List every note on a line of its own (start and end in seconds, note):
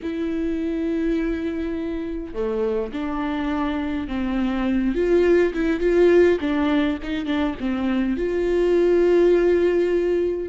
0.02 2.33 E4
2.33 2.92 A3
2.92 4.07 D4
4.07 4.94 C4
4.94 5.53 F4
5.53 5.80 E4
5.80 6.38 F4
6.40 6.98 D4
7.02 7.25 D#4
7.25 7.54 D4
7.60 8.17 C4
8.17 10.48 F4